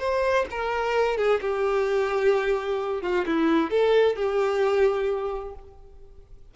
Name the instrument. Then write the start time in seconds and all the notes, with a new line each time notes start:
violin
0.00 C5
0.51 A#4
1.17 G#4
1.42 G4
3.02 F4
3.26 E4
3.71 A4
4.16 G4